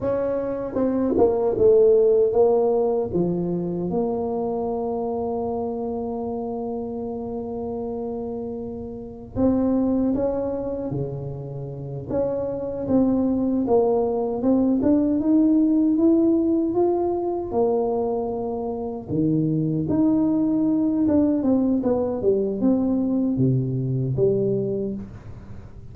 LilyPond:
\new Staff \with { instrumentName = "tuba" } { \time 4/4 \tempo 4 = 77 cis'4 c'8 ais8 a4 ais4 | f4 ais2.~ | ais1 | c'4 cis'4 cis4. cis'8~ |
cis'8 c'4 ais4 c'8 d'8 dis'8~ | dis'8 e'4 f'4 ais4.~ | ais8 dis4 dis'4. d'8 c'8 | b8 g8 c'4 c4 g4 | }